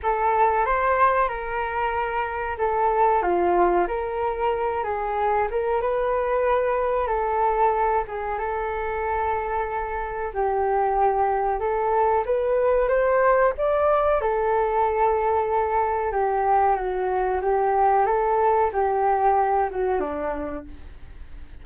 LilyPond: \new Staff \with { instrumentName = "flute" } { \time 4/4 \tempo 4 = 93 a'4 c''4 ais'2 | a'4 f'4 ais'4. gis'8~ | gis'8 ais'8 b'2 a'4~ | a'8 gis'8 a'2. |
g'2 a'4 b'4 | c''4 d''4 a'2~ | a'4 g'4 fis'4 g'4 | a'4 g'4. fis'8 d'4 | }